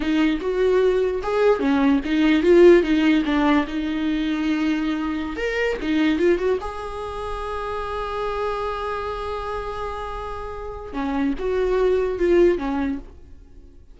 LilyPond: \new Staff \with { instrumentName = "viola" } { \time 4/4 \tempo 4 = 148 dis'4 fis'2 gis'4 | cis'4 dis'4 f'4 dis'4 | d'4 dis'2.~ | dis'4~ dis'16 ais'4 dis'4 f'8 fis'16~ |
fis'16 gis'2.~ gis'8.~ | gis'1~ | gis'2. cis'4 | fis'2 f'4 cis'4 | }